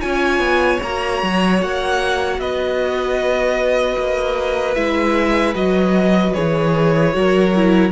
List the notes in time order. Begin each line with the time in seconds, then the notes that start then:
0.00 C#4 F4 C#5 G#5
0.38 B3
0.82 A#3 F#4 A#5
1.22 F#3
1.61 A#3 F#5
2.38 B3 B4 D#5
3.97 A#3
4.74 G#3 E4 E5
5.54 F#3 F#4 D#5
6.33 E3 G#4 C#5
7.13 F#3 F#4 A#4
7.55 E4